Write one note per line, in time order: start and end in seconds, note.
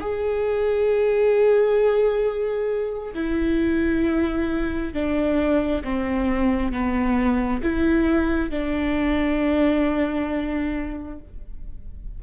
0.00 3.13 G#4
3.14 4.93 E4
4.93 5.83 D4
5.84 6.72 C4
6.72 7.62 B3
7.63 8.50 E4
8.50 11.19 D4